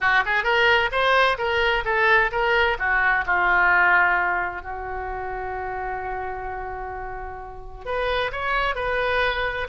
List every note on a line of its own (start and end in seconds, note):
0.00 0.23 F#4
0.25 0.43 G#4
0.43 0.90 A#4
0.91 1.37 C5
1.37 1.84 A#4
1.85 2.31 A4
2.31 2.77 A#4
2.78 3.25 F#4
3.25 4.62 F4
4.62 7.85 F#4
7.85 8.31 B4
8.32 8.75 C#5
8.75 9.67 B4